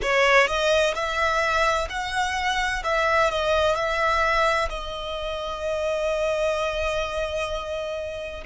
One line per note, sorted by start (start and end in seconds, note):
0.02 0.47 C#5
0.47 0.94 D#5
0.94 1.87 E5
1.89 2.83 F#5
2.83 3.30 E5
3.30 3.75 D#5
3.75 4.69 E5
4.69 8.44 D#5